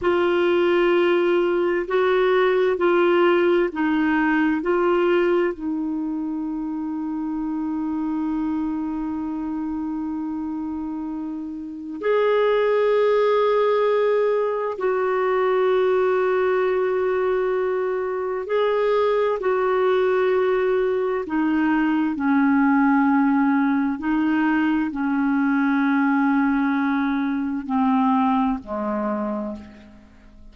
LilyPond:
\new Staff \with { instrumentName = "clarinet" } { \time 4/4 \tempo 4 = 65 f'2 fis'4 f'4 | dis'4 f'4 dis'2~ | dis'1~ | dis'4 gis'2. |
fis'1 | gis'4 fis'2 dis'4 | cis'2 dis'4 cis'4~ | cis'2 c'4 gis4 | }